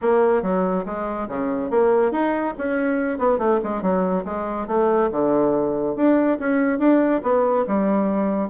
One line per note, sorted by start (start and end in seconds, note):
0.01 0.42 A#3
0.42 0.85 F#3
0.85 1.28 G#3
1.28 1.70 C#3
1.70 2.11 A#3
2.11 2.54 D#4
2.58 3.18 C#4
3.18 3.38 B3
3.38 3.59 A3
3.63 3.81 G#3
3.81 4.24 F#3
4.24 4.67 G#3
4.67 5.09 A3
5.11 5.96 D3
5.96 6.38 D4
6.39 6.79 C#4
6.79 7.21 D4
7.22 7.65 B3
7.67 8.49 G3